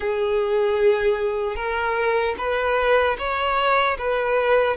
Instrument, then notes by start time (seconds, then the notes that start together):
violin
0.00 G#4
1.56 A#4
2.38 B4
3.18 C#5
3.98 B4